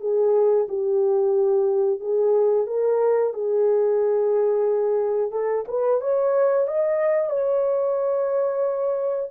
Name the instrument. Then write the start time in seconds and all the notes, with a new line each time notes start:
horn
0.00 G#4
0.68 G4
2.00 G#4
2.67 A#4
3.33 G#4
5.32 A4
5.68 B4
6.01 C#5
6.67 D#5
7.30 C#5